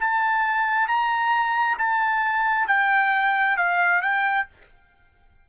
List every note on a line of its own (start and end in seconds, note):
0.00 0.88 A5
0.88 1.78 A#5
1.78 2.68 A5
2.68 3.57 G5
3.57 4.02 F5
4.02 4.47 G5